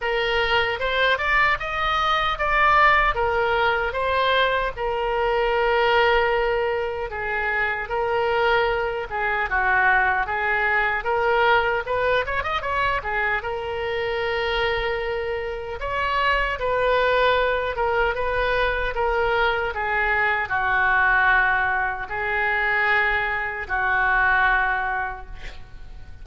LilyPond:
\new Staff \with { instrumentName = "oboe" } { \time 4/4 \tempo 4 = 76 ais'4 c''8 d''8 dis''4 d''4 | ais'4 c''4 ais'2~ | ais'4 gis'4 ais'4. gis'8 | fis'4 gis'4 ais'4 b'8 cis''16 dis''16 |
cis''8 gis'8 ais'2. | cis''4 b'4. ais'8 b'4 | ais'4 gis'4 fis'2 | gis'2 fis'2 | }